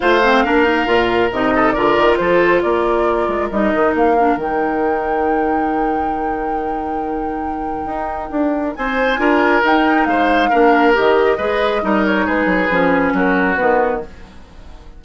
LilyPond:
<<
  \new Staff \with { instrumentName = "flute" } { \time 4/4 \tempo 4 = 137 f''2. dis''4 | d''4 c''4 d''2 | dis''4 f''4 g''2~ | g''1~ |
g''1 | gis''2 g''4 f''4~ | f''4 dis''2~ dis''8 cis''8 | b'2 ais'4 b'4 | }
  \new Staff \with { instrumentName = "oboe" } { \time 4/4 c''4 ais'2~ ais'8 a'8 | ais'4 a'4 ais'2~ | ais'1~ | ais'1~ |
ais'1 | c''4 ais'2 c''4 | ais'2 b'4 ais'4 | gis'2 fis'2 | }
  \new Staff \with { instrumentName = "clarinet" } { \time 4/4 f'8 c'8 d'8 dis'8 f'4 dis'4 | f'1 | dis'4. d'8 dis'2~ | dis'1~ |
dis'1~ | dis'4 f'4 dis'2 | d'4 g'4 gis'4 dis'4~ | dis'4 cis'2 b4 | }
  \new Staff \with { instrumentName = "bassoon" } { \time 4/4 a4 ais4 ais,4 c4 | d8 dis8 f4 ais4. gis8 | g8 dis8 ais4 dis2~ | dis1~ |
dis2 dis'4 d'4 | c'4 d'4 dis'4 gis4 | ais4 dis4 gis4 g4 | gis8 fis8 f4 fis4 dis4 | }
>>